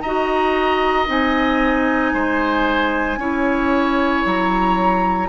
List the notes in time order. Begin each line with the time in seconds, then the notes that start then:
0.00 D#4 F#4 D#5 A#5
1.06 C4 D#4 G#5
2.13 G#3 C5
3.17 C#4 E4 C#5
4.25 F#3 A#5